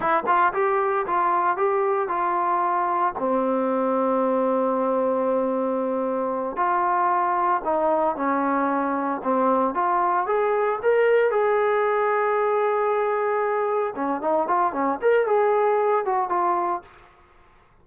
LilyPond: \new Staff \with { instrumentName = "trombone" } { \time 4/4 \tempo 4 = 114 e'8 f'8 g'4 f'4 g'4 | f'2 c'2~ | c'1~ | c'8 f'2 dis'4 cis'8~ |
cis'4. c'4 f'4 gis'8~ | gis'8 ais'4 gis'2~ gis'8~ | gis'2~ gis'8 cis'8 dis'8 f'8 | cis'8 ais'8 gis'4. fis'8 f'4 | }